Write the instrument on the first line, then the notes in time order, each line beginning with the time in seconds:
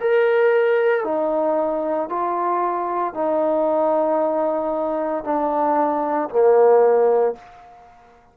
trombone
0.00 A#4
1.03 D#4
2.09 F4
3.13 D#4
5.24 D4
6.29 A#3